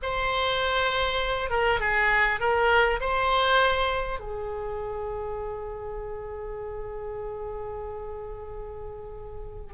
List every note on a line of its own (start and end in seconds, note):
0.02 1.50 C5
1.50 1.80 A#4
1.80 2.39 G#4
2.39 2.99 A#4
3.00 4.19 C5
4.19 9.73 G#4